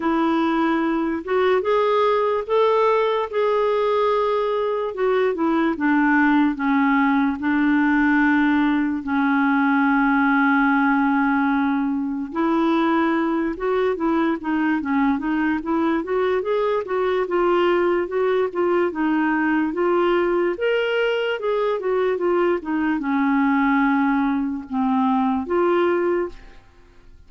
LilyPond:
\new Staff \with { instrumentName = "clarinet" } { \time 4/4 \tempo 4 = 73 e'4. fis'8 gis'4 a'4 | gis'2 fis'8 e'8 d'4 | cis'4 d'2 cis'4~ | cis'2. e'4~ |
e'8 fis'8 e'8 dis'8 cis'8 dis'8 e'8 fis'8 | gis'8 fis'8 f'4 fis'8 f'8 dis'4 | f'4 ais'4 gis'8 fis'8 f'8 dis'8 | cis'2 c'4 f'4 | }